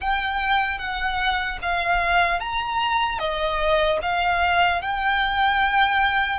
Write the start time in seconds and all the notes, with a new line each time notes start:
0.00 G5
0.78 F#5
1.61 F5
2.40 A#5
3.19 D#5
4.01 F5
4.81 G5